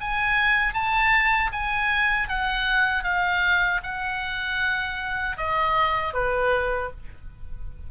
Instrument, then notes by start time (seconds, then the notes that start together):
oboe
0.00 G#5
0.73 A5
1.52 G#5
2.28 F#5
3.03 F5
3.83 F#5
5.37 D#5
6.13 B4